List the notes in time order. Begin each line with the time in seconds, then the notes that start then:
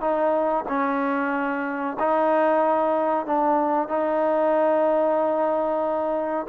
0.00 D#4
0.68 C#4
1.99 D#4
3.26 D4
3.88 D#4